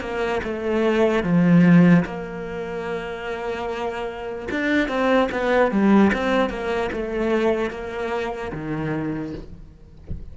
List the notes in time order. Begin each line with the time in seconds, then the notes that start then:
0.00 A#3
0.43 A3
1.23 F3
2.05 A#3
4.50 D4
4.88 C4
5.31 B3
5.71 G3
6.13 C4
6.49 A#3
6.92 A3
7.70 A#3
8.52 D#3